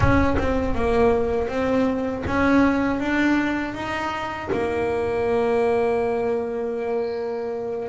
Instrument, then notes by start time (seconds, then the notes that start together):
double bass
0.00 C#4
0.38 C4
0.75 A#3
1.48 C4
2.27 C#4
3.00 D4
3.74 D#4
4.51 A#3